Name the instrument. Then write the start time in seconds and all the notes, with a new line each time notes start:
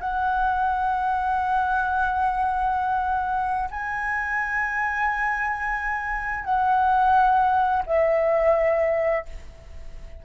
flute
0.00 F#5
3.71 G#5
6.44 F#5
7.87 E5